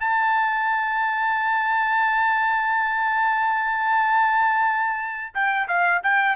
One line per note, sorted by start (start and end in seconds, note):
0.00 5.33 A5
5.34 5.68 G5
5.68 6.01 F5
6.03 6.36 G5